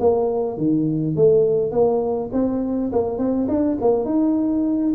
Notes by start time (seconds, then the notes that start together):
0.00 A#3
0.58 D#3
1.16 A3
1.72 A#3
2.33 C4
2.92 A#3
3.18 C4
3.48 D4
3.81 A#3
4.05 D#4